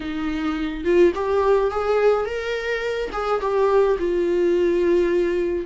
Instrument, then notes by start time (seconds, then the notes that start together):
viola
0.00 D#4
0.84 F4
1.14 G4
1.70 G#4
2.25 A#4
3.12 G#4
3.40 G4
3.98 F4